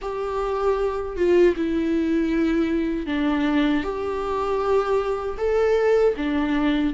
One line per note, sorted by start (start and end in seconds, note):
0.01 1.16 G4
1.16 1.54 F4
1.56 3.06 E4
3.06 3.83 D4
3.83 5.37 G4
5.37 6.14 A4
6.16 6.93 D4